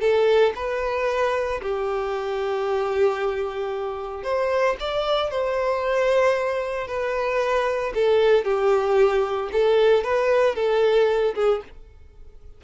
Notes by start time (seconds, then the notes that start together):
0.00 A4
0.55 B4
1.61 G4
4.23 C5
4.79 D5
5.30 C5
6.87 B4
7.94 A4
8.44 G4
9.52 A4
10.03 B4
10.55 A4
11.35 G#4